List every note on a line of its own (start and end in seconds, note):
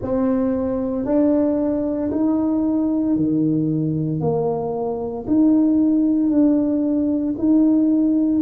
0.02 1.05 C4
1.05 2.10 D4
2.11 3.16 D#4
3.16 4.20 D#3
4.20 5.25 A#3
5.27 6.29 D#4
6.29 7.34 D4
7.38 8.42 D#4